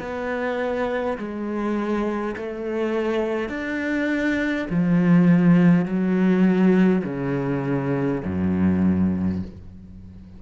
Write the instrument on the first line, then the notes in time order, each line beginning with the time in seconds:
cello
0.00 B3
1.18 G#3
2.36 A3
3.49 D4
4.70 F3
5.85 F#3
7.04 C#3
8.25 F#2